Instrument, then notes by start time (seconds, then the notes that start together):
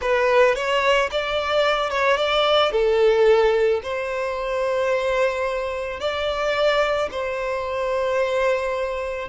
violin
0.01 B4
0.55 C#5
1.11 D5
1.90 C#5
2.17 D5
2.71 A4
3.83 C5
6.00 D5
7.11 C5